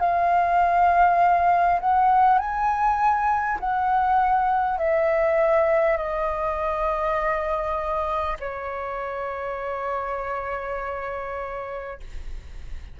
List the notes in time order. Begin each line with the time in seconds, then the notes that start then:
0.00 F5
1.81 F#5
2.38 G#5
3.59 F#5
4.78 E5
5.97 D#5
8.40 C#5